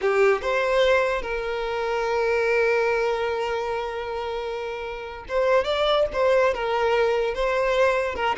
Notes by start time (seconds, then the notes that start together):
0.01 G4
0.41 C5
1.22 A#4
5.28 C5
5.64 D5
6.12 C5
6.54 A#4
7.34 C5
8.15 A#4